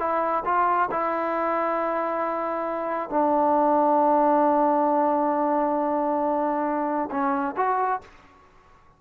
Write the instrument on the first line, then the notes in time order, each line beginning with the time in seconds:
trombone
0.00 E4
0.45 F4
0.92 E4
3.10 D4
7.11 C#4
7.57 F#4